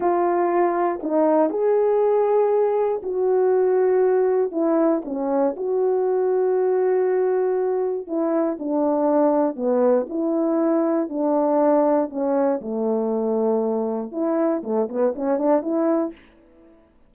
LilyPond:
\new Staff \with { instrumentName = "horn" } { \time 4/4 \tempo 4 = 119 f'2 dis'4 gis'4~ | gis'2 fis'2~ | fis'4 e'4 cis'4 fis'4~ | fis'1 |
e'4 d'2 b4 | e'2 d'2 | cis'4 a2. | e'4 a8 b8 cis'8 d'8 e'4 | }